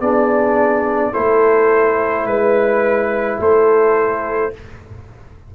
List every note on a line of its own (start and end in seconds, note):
0.00 1.13 B3
0.00 1.14 D4
0.00 1.12 G#4
0.00 1.14 D5
1.12 2.26 A3
1.12 4.53 E4
1.12 2.25 A4
1.12 2.27 C5
2.26 3.39 G#3
2.26 3.40 B4
3.40 4.54 A3
3.40 4.53 A4
3.40 4.55 C5